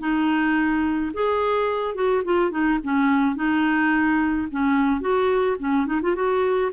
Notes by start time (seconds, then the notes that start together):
0.00 D#4
1.14 G#4
1.95 F#4
2.25 F4
2.51 D#4
2.84 C#4
3.36 D#4
4.52 C#4
5.01 F#4
5.60 C#4
5.87 D#4
6.03 F4
6.16 F#4